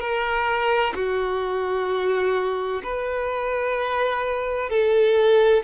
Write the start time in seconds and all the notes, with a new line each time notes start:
0.00 A#4
0.95 F#4
2.84 B4
4.70 A4